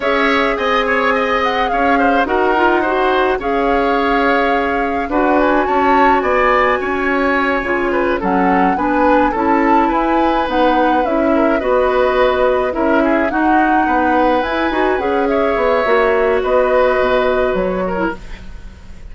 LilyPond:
<<
  \new Staff \with { instrumentName = "flute" } { \time 4/4 \tempo 4 = 106 e''4 gis''4. fis''8 f''4 | fis''2 f''2~ | f''4 fis''8 gis''8 a''4 gis''4~ | gis''2~ gis''8 fis''4 gis''8~ |
gis''8 a''4 gis''4 fis''4 e''8~ | e''8 dis''2 e''4 fis''8~ | fis''4. gis''4 fis''8 e''4~ | e''4 dis''2 cis''4 | }
  \new Staff \with { instrumentName = "oboe" } { \time 4/4 cis''4 dis''8 cis''8 dis''4 cis''8 c''8 | ais'4 c''4 cis''2~ | cis''4 b'4 cis''4 d''4 | cis''2 b'8 a'4 b'8~ |
b'8 a'4 b'2~ b'8 | ais'8 b'2 ais'8 gis'8 fis'8~ | fis'8 b'2~ b'8 cis''4~ | cis''4 b'2~ b'8 ais'8 | }
  \new Staff \with { instrumentName = "clarinet" } { \time 4/4 gis'1 | fis'8 f'8 fis'4 gis'2~ | gis'4 fis'2.~ | fis'4. f'4 cis'4 d'8~ |
d'8 e'2 dis'4 e'8~ | e'8 fis'2 e'4 dis'8~ | dis'4. e'8 fis'8 gis'4. | fis'2.~ fis'8. e'16 | }
  \new Staff \with { instrumentName = "bassoon" } { \time 4/4 cis'4 c'2 cis'4 | dis'2 cis'2~ | cis'4 d'4 cis'4 b4 | cis'4. cis4 fis4 b8~ |
b8 cis'4 e'4 b4 cis'8~ | cis'8 b2 cis'4 dis'8~ | dis'8 b4 e'8 dis'8 cis'4 b8 | ais4 b4 b,4 fis4 | }
>>